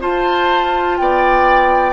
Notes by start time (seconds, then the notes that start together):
0.00 F4 C5 A5
0.97 B3 D5 G5